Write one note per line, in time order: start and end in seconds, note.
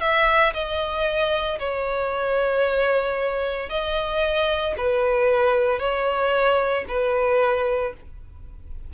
0.00 0.53 E5
0.53 1.58 D#5
1.59 3.69 C#5
3.69 4.74 D#5
4.77 5.79 B4
5.79 6.84 C#5
6.88 7.93 B4